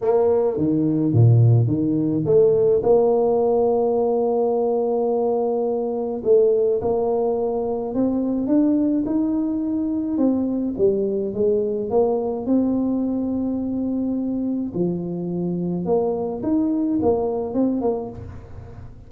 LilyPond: \new Staff \with { instrumentName = "tuba" } { \time 4/4 \tempo 4 = 106 ais4 dis4 ais,4 dis4 | a4 ais2.~ | ais2. a4 | ais2 c'4 d'4 |
dis'2 c'4 g4 | gis4 ais4 c'2~ | c'2 f2 | ais4 dis'4 ais4 c'8 ais8 | }